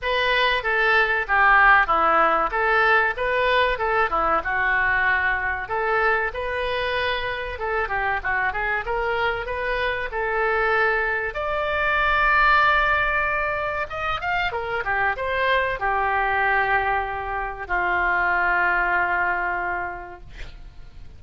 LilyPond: \new Staff \with { instrumentName = "oboe" } { \time 4/4 \tempo 4 = 95 b'4 a'4 g'4 e'4 | a'4 b'4 a'8 e'8 fis'4~ | fis'4 a'4 b'2 | a'8 g'8 fis'8 gis'8 ais'4 b'4 |
a'2 d''2~ | d''2 dis''8 f''8 ais'8 g'8 | c''4 g'2. | f'1 | }